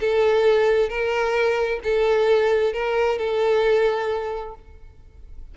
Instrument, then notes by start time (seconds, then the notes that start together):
violin
0.00 A4
0.89 A#4
1.83 A4
2.73 A#4
3.18 A4